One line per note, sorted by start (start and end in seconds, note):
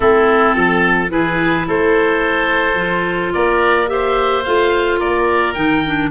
0.00 0.55 A3
0.00 1.08 C4
0.00 0.55 E4
0.00 1.11 A4
0.55 1.11 F3
0.55 1.11 A4
1.08 1.66 E3
1.08 2.75 E4
1.08 1.67 G#4
1.08 1.66 B4
1.67 2.74 A3
1.67 3.33 A4
1.67 3.33 C5
2.74 3.30 F3
2.74 3.87 F4
3.33 4.46 A#3
3.33 3.89 A#4
3.33 3.88 D5
3.87 4.42 G4
3.87 4.99 C5
3.87 4.44 E5
4.44 5.00 A3
4.44 5.55 F4
4.44 4.99 F5
4.99 5.55 A#3
4.99 6.10 A#4
4.99 5.54 D5
5.54 6.10 D#3
5.54 5.83 D#4
5.54 6.09 G5
5.85 6.10 D4